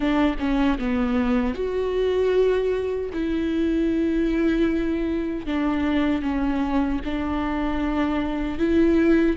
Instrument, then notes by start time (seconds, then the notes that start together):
viola
0.00 D4
0.39 C#4
0.78 B3
1.54 F#4
3.13 E4
5.45 D4
6.22 C#4
7.04 D4
8.58 E4